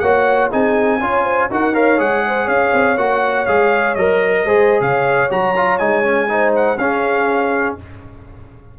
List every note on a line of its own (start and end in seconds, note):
0.00 0.51 A#3
0.00 0.51 F#4
0.00 0.50 C#5
0.00 0.49 F#5
0.50 1.01 C4
0.50 1.01 D#4
0.50 0.99 G#4
0.50 1.51 G#5
1.01 1.50 C#4
1.01 1.50 F4
1.01 1.24 C#5
1.24 1.49 C5
1.51 2.00 D#4
1.51 1.74 F#4
1.51 1.74 A#4
1.51 1.76 F#5
1.74 1.98 A#4
1.74 2.23 C#5
1.74 2.00 F5
1.98 2.48 G#3
1.98 2.97 G#4
1.98 2.49 F#5
2.27 2.45 C5
2.45 2.72 C#4
2.45 4.42 C#5
2.45 2.98 F5
2.74 2.98 C4
2.98 3.47 A#3
2.98 3.47 F#4
2.98 3.46 F#5
3.46 3.96 G#3
3.46 3.97 G#4
3.46 3.95 F5
3.95 4.45 F#3
3.95 4.47 A#4
3.95 4.82 D#5
4.45 4.81 G#3
4.45 5.30 G#4
4.45 4.82 C5
4.81 5.30 C#3
4.81 6.29 C#5
4.81 5.31 F5
5.30 5.80 F#3
5.30 5.55 F#4
5.30 5.79 A#5
5.57 5.80 F4
5.79 6.77 G#3
5.79 6.04 D#4
5.79 6.52 G#5
6.04 6.28 C#4
6.29 6.78 D#4
6.29 6.81 C5
6.56 6.78 F#5
6.77 7.76 C#4
6.77 7.79 C#4
6.77 7.79 G#4
6.77 7.76 F5